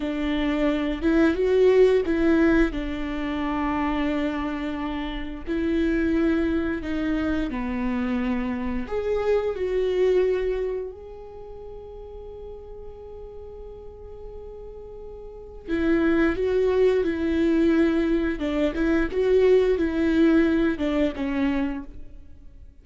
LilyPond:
\new Staff \with { instrumentName = "viola" } { \time 4/4 \tempo 4 = 88 d'4. e'8 fis'4 e'4 | d'1 | e'2 dis'4 b4~ | b4 gis'4 fis'2 |
gis'1~ | gis'2. e'4 | fis'4 e'2 d'8 e'8 | fis'4 e'4. d'8 cis'4 | }